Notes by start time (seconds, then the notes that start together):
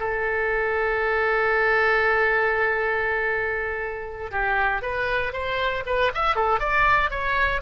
0.00 A4
4.31 G4
4.82 B4
5.33 C5
5.86 B4
6.14 E5
6.36 A4
6.60 D5
7.10 C#5